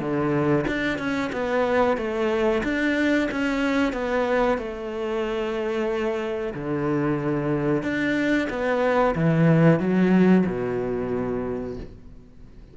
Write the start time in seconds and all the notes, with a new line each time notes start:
0.00 D3
0.67 D4
0.98 C#4
1.33 B3
1.97 A3
2.64 D4
3.31 C#4
3.93 B3
4.58 A3
6.54 D3
7.83 D4
8.50 B3
9.15 E3
9.79 F#3
10.47 B2